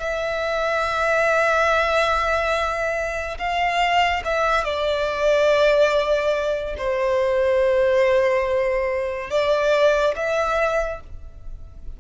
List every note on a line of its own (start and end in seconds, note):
0.00 3.38 E5
3.39 4.23 F5
4.25 4.65 E5
4.65 6.76 D5
6.78 9.31 C5
9.31 10.15 D5
10.16 11.01 E5